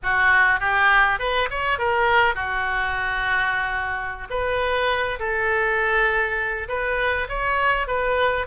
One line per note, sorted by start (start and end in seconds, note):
0.03 0.60 F#4
0.60 1.19 G4
1.19 1.49 B4
1.50 1.78 C#5
1.78 2.34 A#4
2.34 4.27 F#4
4.29 5.18 B4
5.19 6.68 A4
6.68 7.27 B4
7.28 7.87 C#5
7.87 8.46 B4